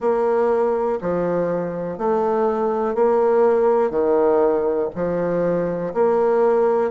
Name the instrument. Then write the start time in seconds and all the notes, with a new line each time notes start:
bassoon
0.00 A#3
1.01 F3
1.98 A3
2.95 A#3
3.90 D#3
4.95 F3
5.94 A#3